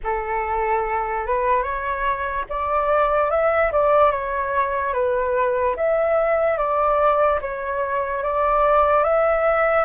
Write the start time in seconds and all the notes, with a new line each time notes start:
0.03 A4
1.26 B4
1.62 C#5
2.49 D5
3.30 E5
3.71 D5
4.11 C#5
4.93 B4
5.76 E5
6.57 D5
7.41 C#5
8.23 D5
9.03 E5